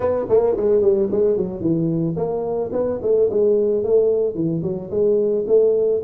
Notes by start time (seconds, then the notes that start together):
0.00 B3
0.29 A#3
0.56 G#3
0.81 G3
1.11 G#3
1.37 F#3
1.61 E3
2.16 A#3
2.72 B3
3.01 A3
3.30 G#3
3.83 A3
4.34 E3
4.62 F#3
4.90 G#3
5.47 A3